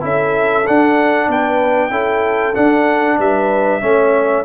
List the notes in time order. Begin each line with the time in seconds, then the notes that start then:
0.00 C#4 E4 A4 E5
0.67 D4 F#5
1.28 B3 B4 G5
1.90 C#4 E4 A4
2.55 D4 F#5
3.18 G3 B4 E5
3.81 A3 C#4 C#5